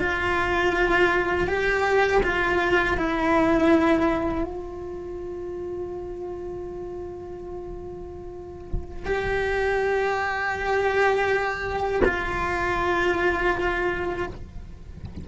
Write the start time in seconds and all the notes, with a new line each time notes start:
0.00 F4
1.48 G4
2.24 F4
2.98 E4
4.44 F4
9.06 G4
12.05 F4